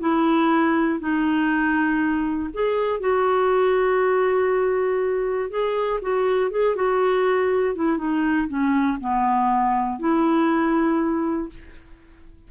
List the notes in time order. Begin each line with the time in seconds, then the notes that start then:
0.00 E4
1.00 D#4
2.54 G#4
3.00 F#4
5.50 G#4
6.02 F#4
6.51 G#4
6.76 F#4
7.76 E4
7.98 D#4
8.48 C#4
9.01 B3
10.00 E4